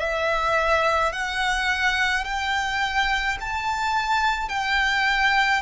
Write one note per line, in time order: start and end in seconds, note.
0.00 1.13 E5
1.13 2.25 F#5
2.25 3.38 G5
3.41 4.49 A5
4.49 5.62 G5